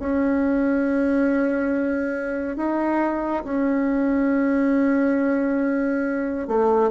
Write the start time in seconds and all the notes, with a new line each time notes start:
0.00 C#4
2.57 D#4
3.44 C#4
6.48 A3